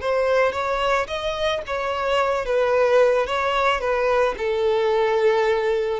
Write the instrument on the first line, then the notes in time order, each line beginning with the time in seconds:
violin
0.00 C5
0.52 C#5
1.07 D#5
1.66 C#5
2.45 B4
3.26 C#5
3.80 B4
4.37 A4